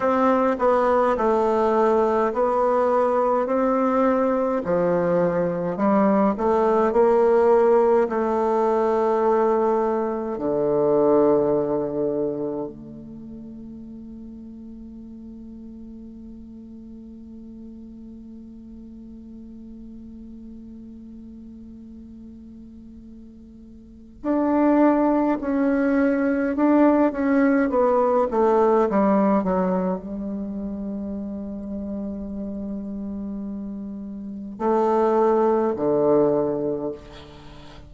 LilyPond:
\new Staff \with { instrumentName = "bassoon" } { \time 4/4 \tempo 4 = 52 c'8 b8 a4 b4 c'4 | f4 g8 a8 ais4 a4~ | a4 d2 a4~ | a1~ |
a1~ | a4 d'4 cis'4 d'8 cis'8 | b8 a8 g8 fis8 g2~ | g2 a4 d4 | }